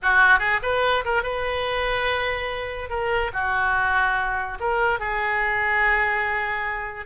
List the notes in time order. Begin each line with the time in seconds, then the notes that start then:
0.02 F#4
0.39 G#4
0.62 B4
1.05 A#4
1.22 B4
2.89 A#4
3.33 F#4
4.60 A#4
4.99 G#4